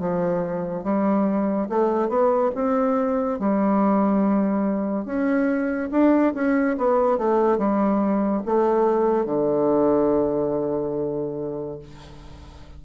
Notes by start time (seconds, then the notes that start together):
0.00 F3
0.84 G3
1.69 A3
2.09 B3
2.55 C4
3.40 G3
5.06 C#4
5.92 D4
6.35 C#4
6.78 B3
7.18 A3
7.58 G3
8.46 A3
9.26 D3